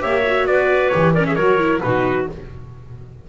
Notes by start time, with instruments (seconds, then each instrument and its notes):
0.00 double bass A#3, viola G4, clarinet C#5, trumpet E5
0.27 viola F#4
0.46 double bass B3, clarinet B4, trumpet D5
0.89 double bass E3, viola G4, trumpet C#5
1.14 viola C#4, clarinet A#4, trumpet D5
1.26 clarinet G#4, trumpet E5
1.35 double bass F#3, viola F#4, clarinet A#4, trumpet C#5
1.59 viola E4
1.82 double bass B2, viola D#4, clarinet F#4, trumpet B4